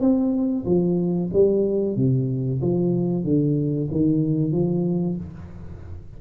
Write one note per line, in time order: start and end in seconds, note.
0.00 0.65 C4
0.65 1.30 F3
1.33 1.96 G3
1.96 2.61 C3
2.62 3.24 F3
3.24 3.89 D3
3.91 4.52 D#3
4.52 5.16 F3